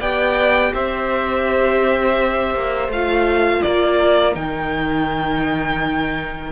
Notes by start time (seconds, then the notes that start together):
0.00 B3 G4 D5 G5
0.74 C4 C5 E5
2.54 A#3
2.88 A3 F4 F5
3.62 A#3 A#4 D5
4.33 D#3 D#4 G5